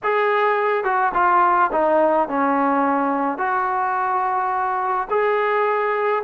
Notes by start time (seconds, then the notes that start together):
0.03 G#4
0.84 F#4
1.14 F4
1.71 D#4
2.28 C#4
3.38 F#4
5.10 G#4